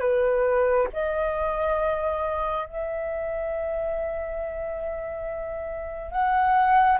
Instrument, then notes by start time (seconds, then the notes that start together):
flute
0.00 B4
0.92 D#5
2.66 E5
6.11 F#5